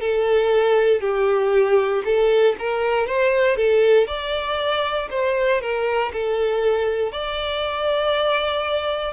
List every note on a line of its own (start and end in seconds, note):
0.00 1.00 A4
1.00 2.02 G4
2.04 2.55 A4
2.58 3.06 A#4
3.06 3.56 C5
3.56 4.07 A4
4.07 5.09 D5
5.10 5.61 C5
5.61 6.12 A#4
6.12 7.12 A4
7.12 9.13 D5